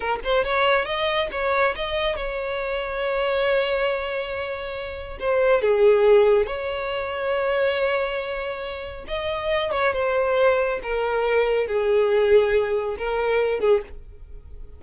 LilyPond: \new Staff \with { instrumentName = "violin" } { \time 4/4 \tempo 4 = 139 ais'8 c''8 cis''4 dis''4 cis''4 | dis''4 cis''2.~ | cis''1 | c''4 gis'2 cis''4~ |
cis''1~ | cis''4 dis''4. cis''8 c''4~ | c''4 ais'2 gis'4~ | gis'2 ais'4. gis'8 | }